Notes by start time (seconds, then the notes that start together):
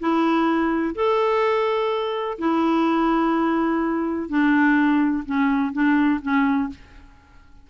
0.00 E4
0.95 A4
2.39 E4
4.29 D4
5.26 C#4
5.73 D4
6.22 C#4